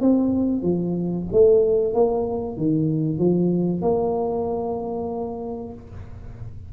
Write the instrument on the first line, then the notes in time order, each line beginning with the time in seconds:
tuba
0.00 C4
0.62 F3
1.32 A3
1.93 A#3
2.56 D#3
3.18 F3
3.82 A#3